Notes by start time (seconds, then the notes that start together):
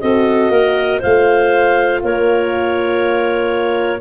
0.00 C4 F#4 A4 D#5
0.50 A#3 A#4
0.99 A3 F4 C5 F5
2.02 A#3 A#4 C#5